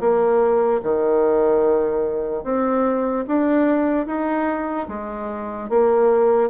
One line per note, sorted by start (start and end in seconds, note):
0.00 0.81 A#3
0.83 2.44 D#3
2.44 3.25 C4
3.27 4.06 D4
4.06 4.87 D#4
4.88 5.69 G#3
5.69 6.50 A#3